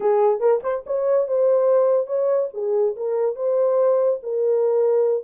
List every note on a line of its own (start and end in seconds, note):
0.00 0.39 G#4
0.39 0.60 A#4
0.63 0.84 C5
0.86 1.27 C#5
1.27 2.06 C5
2.06 2.48 C#5
2.53 2.95 G#4
2.96 3.35 A#4
3.35 4.19 C5
4.23 5.23 A#4